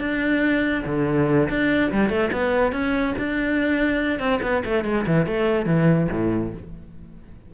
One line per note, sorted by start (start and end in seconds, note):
0.00 0.84 D4
0.86 1.49 D3
1.50 1.92 D4
1.92 2.09 G3
2.09 2.30 A3
2.32 2.73 B3
2.73 3.14 C#4
3.18 4.19 D4
4.19 4.40 C4
4.42 4.63 B3
4.65 4.84 A3
4.84 5.05 G#3
5.07 5.27 E3
5.27 5.66 A3
5.66 6.08 E3
6.12 6.54 A2